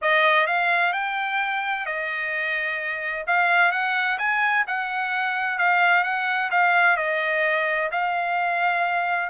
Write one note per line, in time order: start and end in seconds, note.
0.01 0.47 D#5
0.47 0.92 F5
0.92 1.85 G5
1.86 3.25 D#5
3.27 3.71 F5
3.71 4.18 F#5
4.18 4.65 G#5
4.67 5.58 F#5
5.58 6.03 F5
6.03 6.50 F#5
6.50 6.96 F5
6.96 7.89 D#5
7.91 9.29 F5